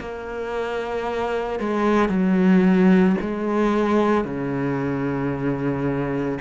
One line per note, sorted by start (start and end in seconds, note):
0.00 1.60 A#3
1.60 2.09 G#3
2.09 3.17 F#3
3.21 4.25 G#3
4.25 6.39 C#3